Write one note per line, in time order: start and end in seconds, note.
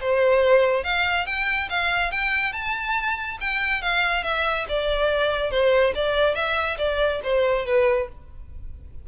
0.00 0.84 C5
0.84 1.26 F5
1.26 1.68 G5
1.69 2.11 F5
2.11 2.52 G5
2.52 3.38 A5
3.40 3.81 G5
3.81 4.23 F5
4.23 4.65 E5
4.68 5.50 D5
5.50 5.93 C5
5.95 6.35 D5
6.35 6.77 E5
6.78 7.20 D5
7.23 7.65 C5
7.65 8.08 B4